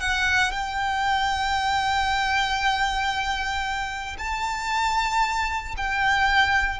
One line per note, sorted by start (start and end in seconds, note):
0.00 0.51 F#5
0.51 4.16 G5
4.18 5.74 A5
5.77 6.79 G5